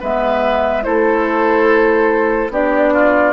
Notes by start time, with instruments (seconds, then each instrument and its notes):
0.00 bassoon G#3, clarinet B3, oboe B4, flute E5
0.82 bassoon A3, clarinet E4, oboe A4, flute C5
2.49 bassoon B3, clarinet D4, oboe G4, flute D5
2.93 oboe F4